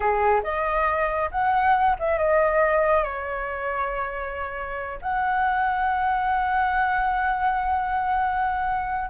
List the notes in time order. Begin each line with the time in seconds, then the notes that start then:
0.00 G#4
0.43 D#5
1.31 F#5
1.99 E5
2.17 D#5
3.03 C#5
5.01 F#5